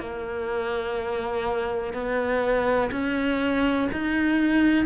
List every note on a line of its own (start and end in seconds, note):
0.00 1.94 A#3
1.94 2.90 B3
2.92 3.88 C#4
3.92 4.86 D#4